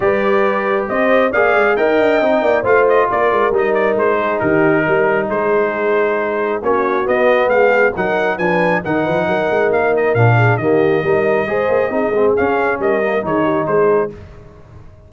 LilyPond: <<
  \new Staff \with { instrumentName = "trumpet" } { \time 4/4 \tempo 4 = 136 d''2 dis''4 f''4 | g''2 f''8 dis''8 d''4 | dis''8 d''8 c''4 ais'2 | c''2. cis''4 |
dis''4 f''4 fis''4 gis''4 | fis''2 f''8 dis''8 f''4 | dis''1 | f''4 dis''4 cis''4 c''4 | }
  \new Staff \with { instrumentName = "horn" } { \time 4/4 b'2 c''4 d''4 | dis''4. d''8 c''4 ais'4~ | ais'4. gis'8 g'4 ais'4 | gis'2. fis'4~ |
fis'4 gis'4 ais'4 b'4 | ais'8 b'8 ais'2~ ais'8 gis'8 | g'4 ais'4 c''4 gis'4~ | gis'4 ais'4 gis'8 g'8 gis'4 | }
  \new Staff \with { instrumentName = "trombone" } { \time 4/4 g'2. gis'4 | ais'4 dis'4 f'2 | dis'1~ | dis'2. cis'4 |
b2 dis'4 d'4 | dis'2. d'4 | ais4 dis'4 gis'4 dis'8 c'8 | cis'4. ais8 dis'2 | }
  \new Staff \with { instrumentName = "tuba" } { \time 4/4 g2 c'4 ais8 gis8 | dis'8 d'8 c'8 ais8 a4 ais8 gis8 | g4 gis4 dis4 g4 | gis2. ais4 |
b4 gis4 fis4 f4 | dis8 f8 fis8 gis8 ais4 ais,4 | dis4 g4 gis8 ais8 c'8 gis8 | cis'4 g4 dis4 gis4 | }
>>